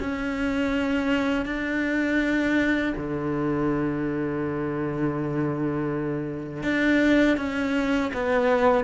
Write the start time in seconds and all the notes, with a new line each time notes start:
0.00 C#4
1.45 D4
2.97 D3
6.63 D4
7.37 C#4
8.13 B3